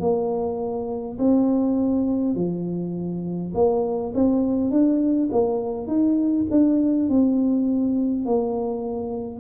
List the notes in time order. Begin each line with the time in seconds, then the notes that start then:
0.00 A#3
1.19 C4
2.35 F3
3.55 A#3
4.14 C4
4.71 D4
5.32 A#3
5.87 D#4
6.51 D4
7.09 C4
8.25 A#3